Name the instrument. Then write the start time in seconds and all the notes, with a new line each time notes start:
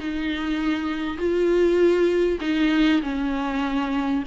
viola
0.00 D#4
1.18 F4
2.41 D#4
3.03 C#4